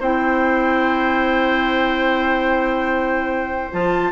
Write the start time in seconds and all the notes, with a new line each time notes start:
0.00 C4 E4 C5 G5
3.72 F3 F4 A5